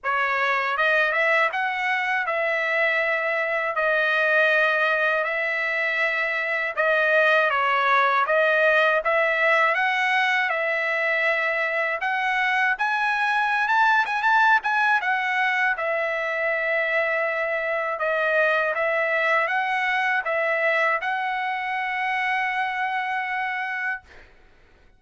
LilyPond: \new Staff \with { instrumentName = "trumpet" } { \time 4/4 \tempo 4 = 80 cis''4 dis''8 e''8 fis''4 e''4~ | e''4 dis''2 e''4~ | e''4 dis''4 cis''4 dis''4 | e''4 fis''4 e''2 |
fis''4 gis''4~ gis''16 a''8 gis''16 a''8 gis''8 | fis''4 e''2. | dis''4 e''4 fis''4 e''4 | fis''1 | }